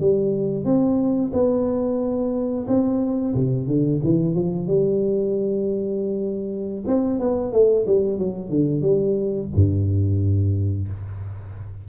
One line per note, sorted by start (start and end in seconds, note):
0.00 0.65 G3
0.65 1.32 C4
1.33 2.66 B3
2.68 3.34 C4
3.35 3.67 C3
3.67 4.01 D3
4.04 4.35 E3
4.35 4.67 F3
4.67 6.84 G3
6.87 7.19 C4
7.19 7.52 B3
7.52 7.86 A3
7.86 8.18 G3
8.18 8.49 F#3
8.49 8.82 D3
8.82 9.48 G3
9.55 10.88 G2